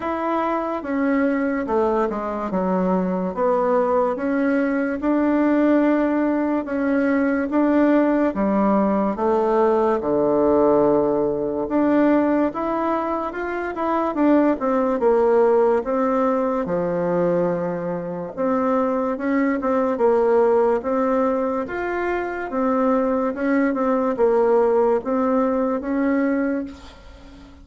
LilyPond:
\new Staff \with { instrumentName = "bassoon" } { \time 4/4 \tempo 4 = 72 e'4 cis'4 a8 gis8 fis4 | b4 cis'4 d'2 | cis'4 d'4 g4 a4 | d2 d'4 e'4 |
f'8 e'8 d'8 c'8 ais4 c'4 | f2 c'4 cis'8 c'8 | ais4 c'4 f'4 c'4 | cis'8 c'8 ais4 c'4 cis'4 | }